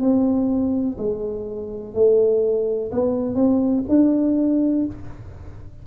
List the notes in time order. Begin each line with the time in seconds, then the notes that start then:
0.00 C4
0.98 G#3
1.94 A3
2.91 B3
3.35 C4
3.88 D4